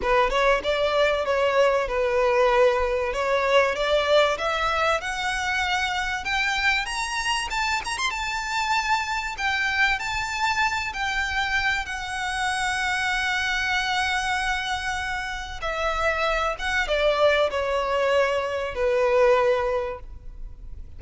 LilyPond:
\new Staff \with { instrumentName = "violin" } { \time 4/4 \tempo 4 = 96 b'8 cis''8 d''4 cis''4 b'4~ | b'4 cis''4 d''4 e''4 | fis''2 g''4 ais''4 | a''8 ais''16 c'''16 a''2 g''4 |
a''4. g''4. fis''4~ | fis''1~ | fis''4 e''4. fis''8 d''4 | cis''2 b'2 | }